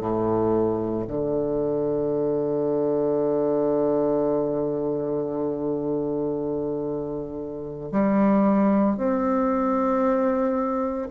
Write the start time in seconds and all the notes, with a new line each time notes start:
0.00 A2
1.08 D3
7.92 G3
8.97 C4